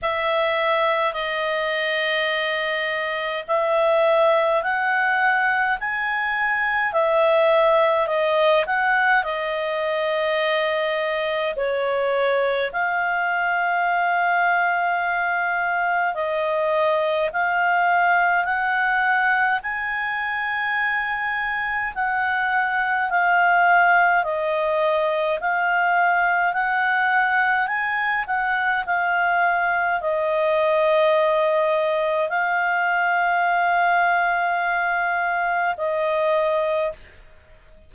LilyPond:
\new Staff \with { instrumentName = "clarinet" } { \time 4/4 \tempo 4 = 52 e''4 dis''2 e''4 | fis''4 gis''4 e''4 dis''8 fis''8 | dis''2 cis''4 f''4~ | f''2 dis''4 f''4 |
fis''4 gis''2 fis''4 | f''4 dis''4 f''4 fis''4 | gis''8 fis''8 f''4 dis''2 | f''2. dis''4 | }